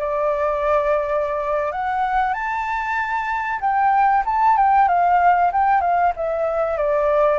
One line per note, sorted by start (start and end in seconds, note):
0.00 1.72 D5
1.72 2.34 F#5
2.34 3.60 A5
3.61 4.24 G5
4.26 4.57 A5
4.57 4.89 G5
4.89 5.52 F5
5.53 5.81 G5
5.81 6.13 F5
6.17 6.78 E5
6.78 7.39 D5